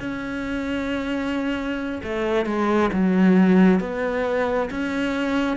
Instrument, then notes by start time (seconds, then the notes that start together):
cello
0.00 C#4
2.03 A3
2.45 G#3
2.93 F#3
3.80 B3
4.70 C#4